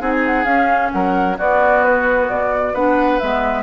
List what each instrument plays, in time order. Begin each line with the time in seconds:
0.00 bassoon C4, clarinet D#4, oboe G#4, flute F#5
0.14 flute G#5
0.26 flute F#5
0.45 bassoon C#4, clarinet C#4, flute F5
0.92 bassoon F#3, oboe A#4, flute F#5
1.37 bassoon B3, clarinet B3, oboe F#4, flute D5
1.84 flute B4
2.29 bassoon B2, flute D5
2.73 bassoon B3, clarinet D4, oboe B4, flute F#5
3.19 bassoon G#3, clarinet B3, flute E5